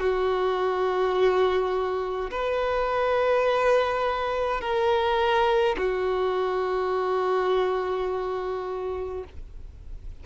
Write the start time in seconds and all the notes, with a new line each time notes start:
0.00 F#4
2.31 B4
4.61 A#4
5.78 F#4